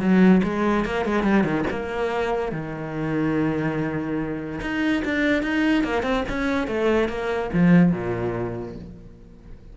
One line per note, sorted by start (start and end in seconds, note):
0.00 0.42 F#3
0.44 0.85 G#3
0.85 1.05 A#3
1.05 1.23 G#3
1.23 1.44 G3
1.44 1.65 D#3
1.70 2.52 A#3
2.52 4.60 D#3
4.61 5.03 D#4
5.05 5.43 D4
5.43 5.84 D#4
5.84 6.03 A#3
6.03 6.24 C4
6.29 6.68 C#4
6.68 7.09 A3
7.09 7.50 A#3
7.53 7.92 F3
7.92 8.76 A#2